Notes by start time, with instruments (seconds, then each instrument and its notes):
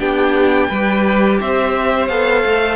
0.00 cello B3, viola D4, violin G4 G5
0.70 cello G3, viola G4, violin B4
1.41 cello C4, violin C5 E5
2.08 cello B3, viola A4, violin F5
2.45 cello A3